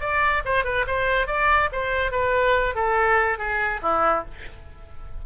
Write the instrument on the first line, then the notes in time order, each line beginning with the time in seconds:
oboe
0.00 D5
0.45 C5
0.64 B4
0.87 C5
1.27 D5
1.72 C5
2.12 B4
2.75 A4
3.38 G#4
3.82 E4